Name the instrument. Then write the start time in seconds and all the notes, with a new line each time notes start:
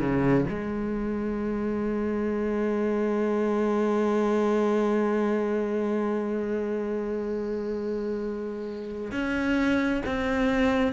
cello
0.00 C#3
0.50 G#3
9.12 C#4
10.05 C4